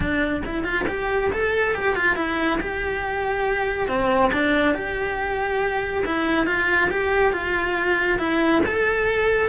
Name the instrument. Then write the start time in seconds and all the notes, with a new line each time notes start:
cello
0.00 D4
0.45 E4
0.64 F4
0.88 G4
1.32 A4
1.74 G4
1.95 F4
2.16 E4
2.60 G4
3.88 C4
4.33 D4
4.74 G4
6.05 E4
6.46 F4
6.90 G4
7.33 F4
8.19 E4
8.65 A4